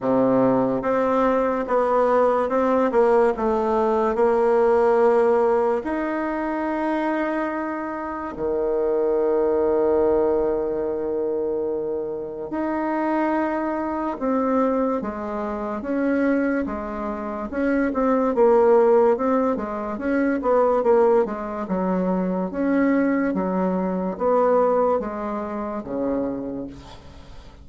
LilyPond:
\new Staff \with { instrumentName = "bassoon" } { \time 4/4 \tempo 4 = 72 c4 c'4 b4 c'8 ais8 | a4 ais2 dis'4~ | dis'2 dis2~ | dis2. dis'4~ |
dis'4 c'4 gis4 cis'4 | gis4 cis'8 c'8 ais4 c'8 gis8 | cis'8 b8 ais8 gis8 fis4 cis'4 | fis4 b4 gis4 cis4 | }